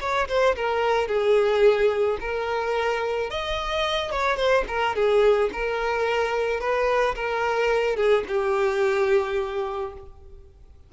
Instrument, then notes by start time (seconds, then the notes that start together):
violin
0.00 C#5
0.28 C5
0.56 A#4
1.08 G#4
2.20 A#4
3.30 D#5
4.11 C#5
4.37 C5
4.68 A#4
4.95 G#4
5.52 A#4
6.60 B4
7.15 A#4
7.96 G#4
8.28 G4